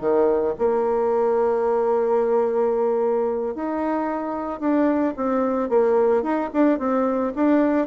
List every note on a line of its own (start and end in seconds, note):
0.00 0.54 D#3
0.58 3.54 A#3
3.54 4.59 D#4
4.59 5.14 D4
5.16 5.69 C4
5.69 6.22 A#3
6.22 6.49 D#4
6.53 6.78 D4
6.78 7.32 C4
7.35 7.87 D4